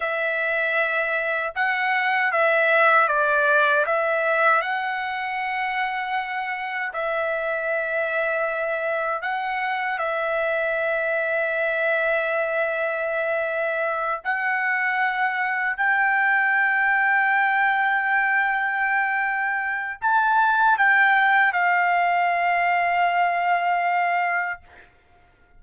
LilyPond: \new Staff \with { instrumentName = "trumpet" } { \time 4/4 \tempo 4 = 78 e''2 fis''4 e''4 | d''4 e''4 fis''2~ | fis''4 e''2. | fis''4 e''2.~ |
e''2~ e''8 fis''4.~ | fis''8 g''2.~ g''8~ | g''2 a''4 g''4 | f''1 | }